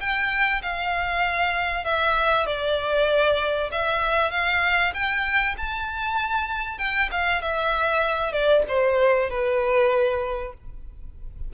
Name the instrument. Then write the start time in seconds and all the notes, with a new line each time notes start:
violin
0.00 G5
0.62 F5
1.84 E5
2.46 D5
3.72 E5
4.31 F5
4.94 G5
5.58 A5
6.78 G5
7.11 F5
7.42 E5
8.32 D5
8.68 C5
9.30 B4